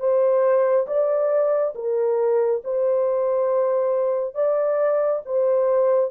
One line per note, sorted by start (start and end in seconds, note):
0.00 0.87 C5
0.87 1.74 D5
1.75 2.62 A#4
2.64 4.35 C5
4.35 5.22 D5
5.26 6.11 C5